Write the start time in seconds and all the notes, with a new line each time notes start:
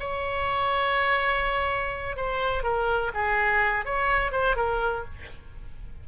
0.00 C#5
2.17 C5
2.63 A#4
3.15 G#4
3.85 C#5
4.32 C5
4.56 A#4